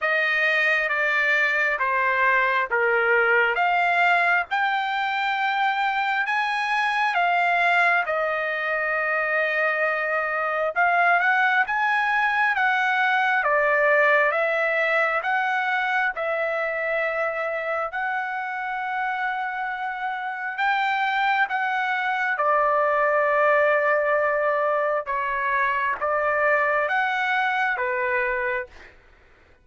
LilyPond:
\new Staff \with { instrumentName = "trumpet" } { \time 4/4 \tempo 4 = 67 dis''4 d''4 c''4 ais'4 | f''4 g''2 gis''4 | f''4 dis''2. | f''8 fis''8 gis''4 fis''4 d''4 |
e''4 fis''4 e''2 | fis''2. g''4 | fis''4 d''2. | cis''4 d''4 fis''4 b'4 | }